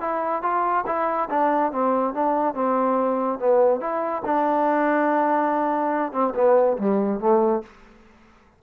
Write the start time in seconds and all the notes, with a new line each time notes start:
0.00 E4
0.42 F4
0.86 E4
1.30 D4
1.72 C4
2.14 D4
2.54 C4
3.39 B3
3.80 E4
4.25 D4
6.12 C4
6.35 B3
6.77 G3
7.20 A3